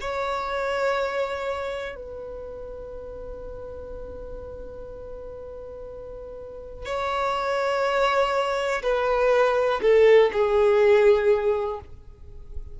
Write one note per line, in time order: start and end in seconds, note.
0.00 1.95 C#5
1.95 6.85 B4
6.85 8.82 C#5
8.82 9.80 B4
9.81 10.31 A4
10.32 11.79 G#4